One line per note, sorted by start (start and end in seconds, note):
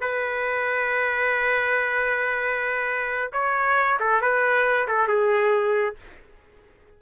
0.00 3.31 B4
3.32 3.98 C#5
3.99 4.21 A4
4.21 4.87 B4
4.87 5.07 A4
5.07 5.96 G#4